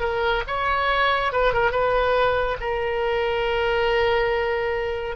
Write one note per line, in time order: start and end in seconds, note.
0.00 0.43 A#4
0.47 1.32 C#5
1.32 1.53 B4
1.53 1.71 A#4
1.71 2.57 B4
2.60 5.16 A#4